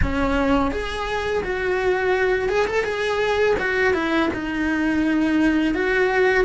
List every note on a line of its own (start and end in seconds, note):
0.02 0.71 C#4
0.71 1.42 G#4
1.43 2.48 F#4
2.48 2.66 G#4
2.67 2.84 A4
2.84 3.55 G#4
3.59 3.93 F#4
3.93 4.29 E4
4.33 5.74 D#4
5.74 6.44 F#4